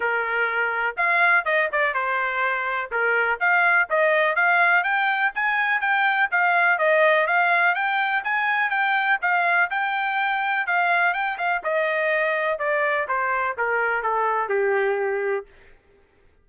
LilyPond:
\new Staff \with { instrumentName = "trumpet" } { \time 4/4 \tempo 4 = 124 ais'2 f''4 dis''8 d''8 | c''2 ais'4 f''4 | dis''4 f''4 g''4 gis''4 | g''4 f''4 dis''4 f''4 |
g''4 gis''4 g''4 f''4 | g''2 f''4 g''8 f''8 | dis''2 d''4 c''4 | ais'4 a'4 g'2 | }